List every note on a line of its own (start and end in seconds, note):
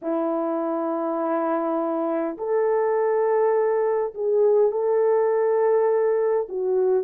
0.02 2.37 E4
2.37 4.13 A4
4.14 4.71 G#4
4.71 6.48 A4
6.49 7.04 F#4